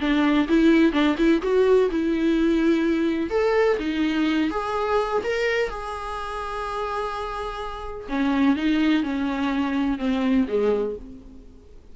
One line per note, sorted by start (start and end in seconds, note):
0.00 0.48 D4
0.48 0.92 E4
0.92 1.16 D4
1.18 1.42 E4
1.42 1.90 F#4
1.91 3.30 E4
3.30 3.77 A4
3.79 4.50 D#4
4.50 5.22 G#4
5.24 5.69 A#4
5.69 8.07 G#4
8.09 8.56 C#4
8.56 9.03 D#4
9.03 9.98 C#4
9.98 10.46 C4
10.48 10.95 G#3